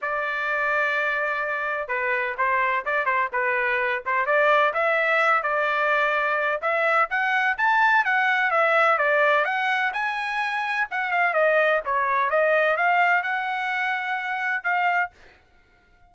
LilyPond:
\new Staff \with { instrumentName = "trumpet" } { \time 4/4 \tempo 4 = 127 d''1 | b'4 c''4 d''8 c''8 b'4~ | b'8 c''8 d''4 e''4. d''8~ | d''2 e''4 fis''4 |
a''4 fis''4 e''4 d''4 | fis''4 gis''2 fis''8 f''8 | dis''4 cis''4 dis''4 f''4 | fis''2. f''4 | }